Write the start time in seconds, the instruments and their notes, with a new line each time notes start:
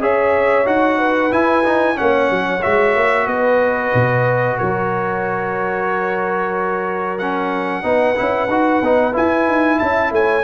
0.00 tuba C#4, trombone G#4, horn C#5, trumpet E5
0.65 tuba D#4, trombone F#4, trumpet F#5
0.98 horn B4
1.31 trombone E4, tuba E4, trumpet G#5
1.64 trombone D#4
1.95 tuba A#3, trombone C#4, horn C#5, trumpet F#5
2.30 tuba F#3
2.62 tuba G#3, trombone F#4, trumpet E5
2.95 tuba A#3
3.26 tuba B3, horn B4, trumpet D#5
3.94 tuba B2
4.57 tuba F#3, horn A#4, trumpet C#5
7.18 trombone C#4, trumpet F#5
7.83 tuba B3, trombone D#4, horn B4
8.16 tuba C#4, trombone E4
8.48 tuba D#4, trombone F#4
8.82 tuba B3, trombone D#4
9.13 trombone E4, tuba E4, trumpet G#5
9.47 tuba D#4
9.78 tuba C#4, horn E5, trumpet A5
10.11 tuba A3, horn C#5, trumpet G#5